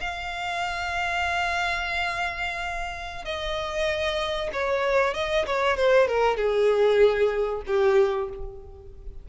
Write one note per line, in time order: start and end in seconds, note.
0.00 3.24 F5
3.24 4.49 D#5
4.53 5.14 C#5
5.14 5.45 D#5
5.46 5.76 C#5
5.76 6.07 C5
6.07 6.37 A#4
6.37 7.62 G#4
7.66 8.29 G4